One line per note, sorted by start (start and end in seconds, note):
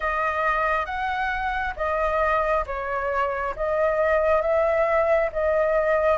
0.00 0.85 D#5
0.85 1.74 F#5
1.76 2.64 D#5
2.66 3.54 C#5
3.56 4.41 D#5
4.41 5.29 E5
5.32 6.18 D#5